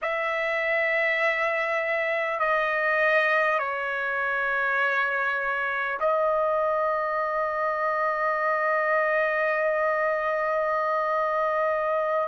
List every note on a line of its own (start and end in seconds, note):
0.02 2.39 E5
2.39 3.58 D#5
3.58 5.98 C#5
5.99 12.28 D#5